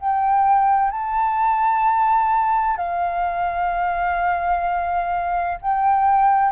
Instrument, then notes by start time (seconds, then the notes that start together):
flute
0.00 G5
0.91 A5
2.77 F5
5.62 G5